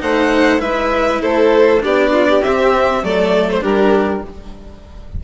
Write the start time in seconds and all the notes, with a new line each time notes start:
0.00 A3 D#4 C5 F#5
0.57 G#3 E4 B4 E5
1.21 A3 A4 C5
1.81 B3 D4 G4 D5
2.13 F4
2.29 G4
2.43 C4 E5
3.03 F#3 A3 A4 D5
3.51 C5
3.60 G3 D4 G4 A#4